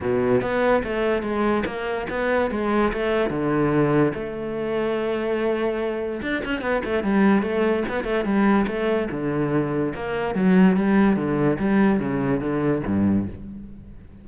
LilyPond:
\new Staff \with { instrumentName = "cello" } { \time 4/4 \tempo 4 = 145 b,4 b4 a4 gis4 | ais4 b4 gis4 a4 | d2 a2~ | a2. d'8 cis'8 |
b8 a8 g4 a4 b8 a8 | g4 a4 d2 | ais4 fis4 g4 d4 | g4 cis4 d4 g,4 | }